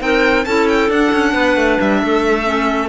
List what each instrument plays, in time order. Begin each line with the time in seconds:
0.00 cello C4, clarinet D#4 A#4, violin G5
0.45 cello C#4, clarinet E4 A4, violin A5
0.68 violin G5
0.90 cello D4, clarinet D4, violin F#5
1.13 cello C#4
1.33 cello B3, clarinet B4
1.56 cello A3
1.81 cello G3, violin E5
2.02 cello A3, clarinet A4
2.44 clarinet C#4